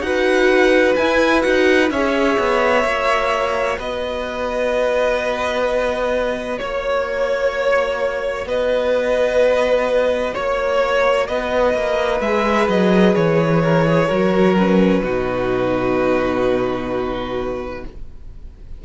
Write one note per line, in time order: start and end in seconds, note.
0.00 0.94 D#4
0.00 0.96 F#4
0.00 1.92 B4
0.00 0.95 F#5
0.95 1.44 E4
0.95 1.40 E4
0.95 1.42 G#5
1.40 1.90 D#4
1.40 1.87 F#4
1.40 1.88 F#5
1.90 2.37 C#4
1.90 2.81 G#4
1.90 3.78 C#5
1.90 3.78 E5
2.38 2.83 B3
2.81 3.77 A#3
2.81 12.19 F#4
3.78 6.59 B3
3.78 6.59 B4
3.78 6.57 D#5
6.57 8.45 A#3
6.57 8.45 C#5
6.57 8.47 C#5
8.45 10.33 B3
8.45 10.33 B4
8.45 10.34 D#5
10.33 11.28 A#3
10.33 11.27 C#5
11.27 11.73 B3
11.27 13.62 B4
11.27 12.20 D#5
11.73 12.20 A#3
12.20 12.67 G#3
12.20 14.09 G#4
12.20 12.67 E5
12.68 13.14 F#3
12.68 13.14 D#5
13.14 14.09 E3
13.14 14.55 C#5
13.63 13.85 A#4
13.85 14.07 G#4
14.07 15.02 F#3
14.07 14.56 F#4
14.07 15.01 A#4
14.56 15.03 C#4
14.56 17.85 B4
15.02 17.83 B2
15.02 17.84 D#4
15.02 17.84 F#4